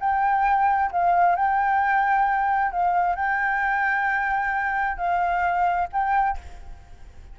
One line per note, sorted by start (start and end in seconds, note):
0.00 0.91 G5
0.92 1.36 F5
1.36 2.71 G5
2.71 3.16 F5
3.16 4.97 G5
4.97 5.88 F5
5.92 6.38 G5